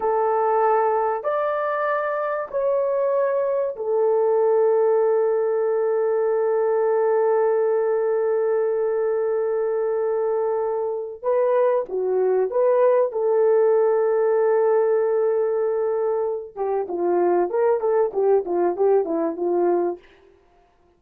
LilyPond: \new Staff \with { instrumentName = "horn" } { \time 4/4 \tempo 4 = 96 a'2 d''2 | cis''2 a'2~ | a'1~ | a'1~ |
a'2 b'4 fis'4 | b'4 a'2.~ | a'2~ a'8 g'8 f'4 | ais'8 a'8 g'8 f'8 g'8 e'8 f'4 | }